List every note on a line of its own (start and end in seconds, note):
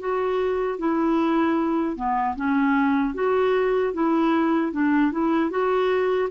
0.00 0.79 F#4
0.79 1.97 E4
1.97 2.36 B3
2.36 3.15 C#4
3.15 3.94 F#4
3.94 4.73 E4
4.73 5.12 D4
5.12 5.50 E4
5.50 6.29 F#4